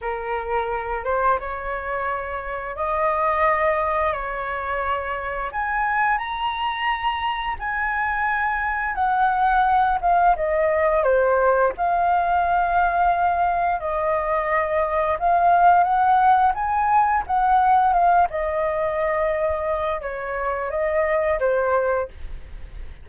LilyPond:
\new Staff \with { instrumentName = "flute" } { \time 4/4 \tempo 4 = 87 ais'4. c''8 cis''2 | dis''2 cis''2 | gis''4 ais''2 gis''4~ | gis''4 fis''4. f''8 dis''4 |
c''4 f''2. | dis''2 f''4 fis''4 | gis''4 fis''4 f''8 dis''4.~ | dis''4 cis''4 dis''4 c''4 | }